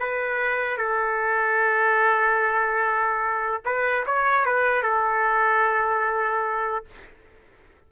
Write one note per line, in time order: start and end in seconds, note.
0.00 0.78 B4
0.78 3.62 A4
3.65 4.06 B4
4.07 4.46 C#5
4.46 4.83 B4
4.83 6.86 A4